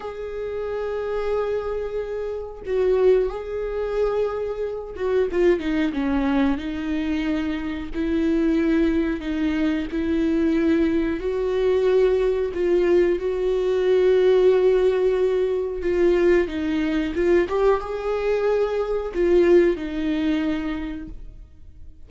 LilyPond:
\new Staff \with { instrumentName = "viola" } { \time 4/4 \tempo 4 = 91 gis'1 | fis'4 gis'2~ gis'8 fis'8 | f'8 dis'8 cis'4 dis'2 | e'2 dis'4 e'4~ |
e'4 fis'2 f'4 | fis'1 | f'4 dis'4 f'8 g'8 gis'4~ | gis'4 f'4 dis'2 | }